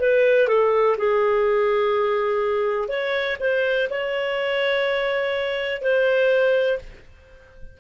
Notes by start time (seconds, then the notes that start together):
0.00 B4
0.48 A4
0.98 G#4
2.89 C#5
3.40 C5
3.90 C#5
5.82 C5